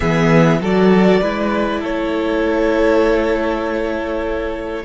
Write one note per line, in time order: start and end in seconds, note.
0.00 0.60 E3
0.00 0.61 B3
0.00 0.58 G#4
0.00 0.60 E5
0.60 1.21 F#3
0.60 1.22 F#4
0.60 1.21 A4
0.60 1.83 D5
1.21 1.82 G#3
1.21 4.84 E4
1.21 1.80 B4
1.80 4.84 A3
1.80 4.83 A4
1.80 4.84 C#5